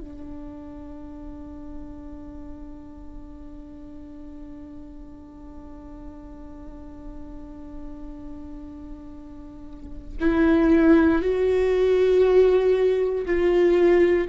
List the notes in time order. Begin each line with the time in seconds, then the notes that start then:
0.00 D4
10.20 E4
11.21 F#4
13.26 F4